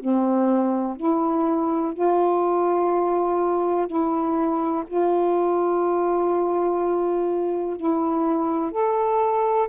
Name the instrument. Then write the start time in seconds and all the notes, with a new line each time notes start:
saxophone
0.00 C4
0.97 E4
1.94 F4
3.87 E4
4.87 F4
7.76 E4
8.71 A4